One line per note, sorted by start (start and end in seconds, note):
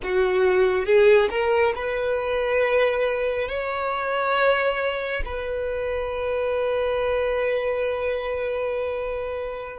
0.03 0.85 F#4
0.85 1.29 G#4
1.30 1.74 A#4
1.75 3.48 B4
3.48 5.22 C#5
5.25 9.78 B4